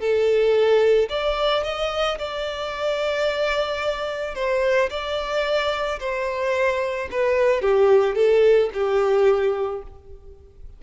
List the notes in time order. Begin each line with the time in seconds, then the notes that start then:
0.00 A4
1.09 D5
1.64 D#5
2.18 D5
4.35 C5
4.90 D5
6.00 C5
7.12 B4
7.62 G4
8.16 A4
8.74 G4